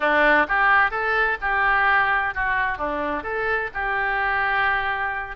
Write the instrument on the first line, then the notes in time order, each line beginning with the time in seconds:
oboe
0.00 D4
0.48 G4
0.90 A4
1.41 G4
2.34 F#4
2.78 D4
3.23 A4
3.74 G4